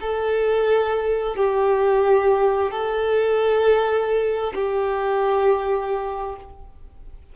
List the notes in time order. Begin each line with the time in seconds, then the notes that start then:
0.00 A4
1.36 G4
2.71 A4
4.54 G4